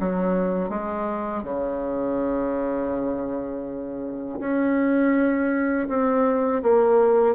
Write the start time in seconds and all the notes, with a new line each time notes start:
0.00 F#3
0.69 G#3
1.43 C#3
4.40 C#4
5.89 C4
6.63 A#3